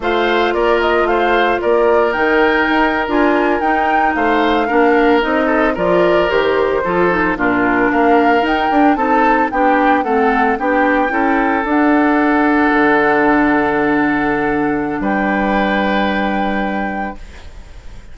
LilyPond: <<
  \new Staff \with { instrumentName = "flute" } { \time 4/4 \tempo 4 = 112 f''4 d''8 dis''8 f''4 d''4 | g''4.~ g''16 gis''4 g''4 f''16~ | f''4.~ f''16 dis''4 d''4 c''16~ | c''4.~ c''16 ais'4 f''4 g''16~ |
g''8. a''4 g''4 fis''4 g''16~ | g''4.~ g''16 fis''2~ fis''16~ | fis''1 | g''1 | }
  \new Staff \with { instrumentName = "oboe" } { \time 4/4 c''4 ais'4 c''4 ais'4~ | ais'2.~ ais'8. c''16~ | c''8. ais'4. a'8 ais'4~ ais'16~ | ais'8. a'4 f'4 ais'4~ ais'16~ |
ais'8. a'4 g'4 a'4 g'16~ | g'8. a'2.~ a'16~ | a'1 | b'1 | }
  \new Staff \with { instrumentName = "clarinet" } { \time 4/4 f'1 | dis'4.~ dis'16 f'4 dis'4~ dis'16~ | dis'8. d'4 dis'4 f'4 g'16~ | g'8. f'8 dis'8 d'2 dis'16~ |
dis'16 d'8 dis'4 d'4 c'4 d'16~ | d'8. e'4 d'2~ d'16~ | d'1~ | d'1 | }
  \new Staff \with { instrumentName = "bassoon" } { \time 4/4 a4 ais4 a4 ais4 | dis4 dis'8. d'4 dis'4 a16~ | a8. ais4 c'4 f4 dis16~ | dis8. f4 ais,4 ais4 dis'16~ |
dis'16 d'8 c'4 b4 a4 b16~ | b8. cis'4 d'2 d16~ | d1 | g1 | }
>>